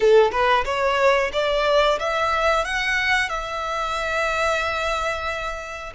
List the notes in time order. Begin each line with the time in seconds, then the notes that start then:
0.00 A4
0.31 B4
0.64 C#5
1.32 D5
1.99 E5
2.65 F#5
3.29 E5